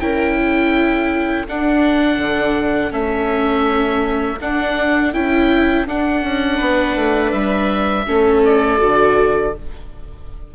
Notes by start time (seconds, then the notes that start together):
0.00 C#4 E4 A#4 G5
0.39 A4
1.48 D4 F#5
2.18 D3
2.91 A3 C#4 E5
4.41 D4 F#5
5.14 C#4 E4 G5
5.86 D4 F#5
6.23 C#4
6.57 B3 B4
6.96 A3
7.32 G3 E5
8.07 A3 C#4 A4
8.45 D5
8.78 D3 F#4